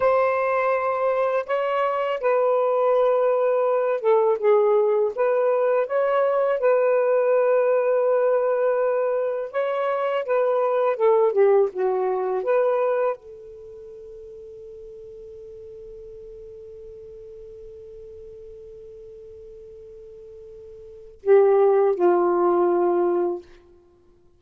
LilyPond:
\new Staff \with { instrumentName = "saxophone" } { \time 4/4 \tempo 4 = 82 c''2 cis''4 b'4~ | b'4. a'8 gis'4 b'4 | cis''4 b'2.~ | b'4 cis''4 b'4 a'8 g'8 |
fis'4 b'4 a'2~ | a'1~ | a'1~ | a'4 g'4 f'2 | }